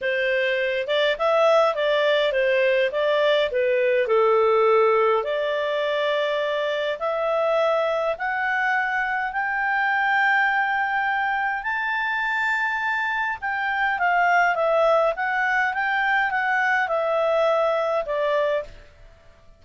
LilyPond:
\new Staff \with { instrumentName = "clarinet" } { \time 4/4 \tempo 4 = 103 c''4. d''8 e''4 d''4 | c''4 d''4 b'4 a'4~ | a'4 d''2. | e''2 fis''2 |
g''1 | a''2. g''4 | f''4 e''4 fis''4 g''4 | fis''4 e''2 d''4 | }